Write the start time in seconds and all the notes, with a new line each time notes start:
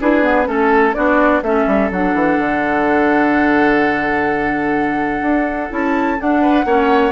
0.00 D4 E4 G#4 B4
0.22 B3
0.46 A3 C#4 A4
0.94 B3 D4 F#4 D5
1.42 A3 C#4 A4 E5
1.67 G3
1.90 F#3 D4 F#5
2.14 E3
2.38 D3
5.21 D4
5.70 C#4 E4 A5
6.19 D4 F#5
6.41 B4
6.64 A#3 C#4 C#5